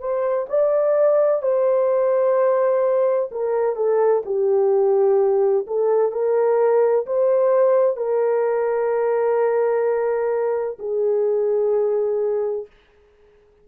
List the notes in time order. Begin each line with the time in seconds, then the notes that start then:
0.00 C5
0.49 D5
1.42 C5
3.32 A#4
3.76 A4
4.26 G4
5.67 A4
6.12 A#4
7.07 C5
7.97 A#4
10.79 G#4